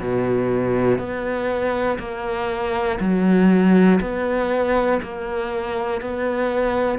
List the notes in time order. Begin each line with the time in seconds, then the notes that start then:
0.00 B2
0.99 B3
2.00 A#3
3.00 F#3
4.01 B3
5.03 A#3
6.01 B3